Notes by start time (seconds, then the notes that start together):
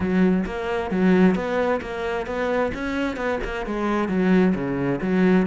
0.00 F#3
0.45 A#3
0.90 F#3
1.35 B3
1.81 A#3
2.26 B3
2.74 C#4
3.16 B3
3.44 A#3
3.66 G#3
4.08 F#3
4.55 C#3
5.01 F#3